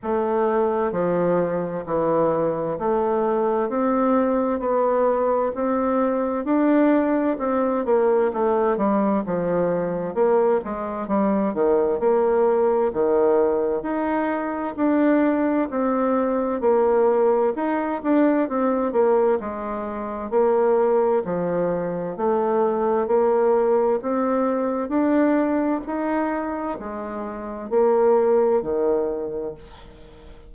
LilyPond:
\new Staff \with { instrumentName = "bassoon" } { \time 4/4 \tempo 4 = 65 a4 f4 e4 a4 | c'4 b4 c'4 d'4 | c'8 ais8 a8 g8 f4 ais8 gis8 | g8 dis8 ais4 dis4 dis'4 |
d'4 c'4 ais4 dis'8 d'8 | c'8 ais8 gis4 ais4 f4 | a4 ais4 c'4 d'4 | dis'4 gis4 ais4 dis4 | }